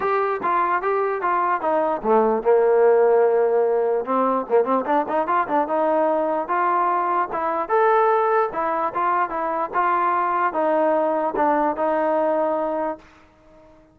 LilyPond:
\new Staff \with { instrumentName = "trombone" } { \time 4/4 \tempo 4 = 148 g'4 f'4 g'4 f'4 | dis'4 a4 ais2~ | ais2 c'4 ais8 c'8 | d'8 dis'8 f'8 d'8 dis'2 |
f'2 e'4 a'4~ | a'4 e'4 f'4 e'4 | f'2 dis'2 | d'4 dis'2. | }